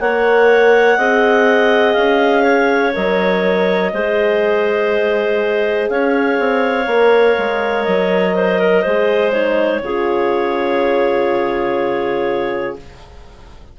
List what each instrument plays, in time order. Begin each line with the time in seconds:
0.00 bassoon A#3, horn A#4, clarinet C#5 F#5
0.97 bassoon C4, horn G#4, clarinet D#5
1.93 bassoon C#4, clarinet F5
2.43 clarinet C#5
2.94 bassoon F#3, horn A#4, clarinet D#5
3.93 bassoon G#3, horn G#4, clarinet C5
5.89 bassoon C#4, clarinet C#5 F5
6.39 bassoon C4
6.86 bassoon A#3, horn A#4
7.38 bassoon G#3
7.84 bassoon F#3, clarinet D#5
8.36 clarinet C5
8.59 clarinet A#4
8.82 bassoon G#3, horn G#4, clarinet C5
9.32 horn D#4, clarinet C#5
9.81 bassoon C#3, horn F4, clarinet G#4